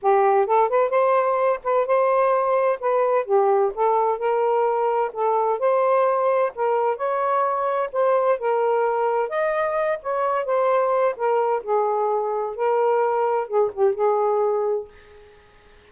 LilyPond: \new Staff \with { instrumentName = "saxophone" } { \time 4/4 \tempo 4 = 129 g'4 a'8 b'8 c''4. b'8 | c''2 b'4 g'4 | a'4 ais'2 a'4 | c''2 ais'4 cis''4~ |
cis''4 c''4 ais'2 | dis''4. cis''4 c''4. | ais'4 gis'2 ais'4~ | ais'4 gis'8 g'8 gis'2 | }